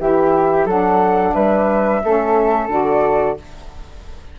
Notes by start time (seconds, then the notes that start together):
0.00 E3 E4 G4 E5
0.65 F#3 D4 A4 F#5
1.34 G3 B4 E5
2.03 A3 C#4 A4
2.68 D3 F#4 D5